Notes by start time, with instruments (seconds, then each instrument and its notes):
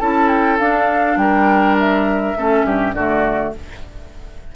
0.00 bassoon C#4, clarinet E4, oboe A4, flute A5
0.28 flute G5
0.59 bassoon D4, clarinet D4, flute F5
1.17 bassoon G3, oboe A#4, flute G5
1.79 flute E5
2.37 bassoon A3, clarinet C#4, oboe A4
2.64 bassoon G2, oboe G4
2.94 bassoon D3, clarinet A3, oboe F#4, flute D5